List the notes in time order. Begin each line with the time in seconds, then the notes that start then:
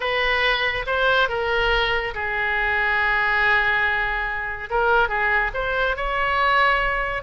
0.00 B4
0.86 C5
1.28 A#4
2.14 G#4
4.70 A#4
5.08 G#4
5.54 C5
5.96 C#5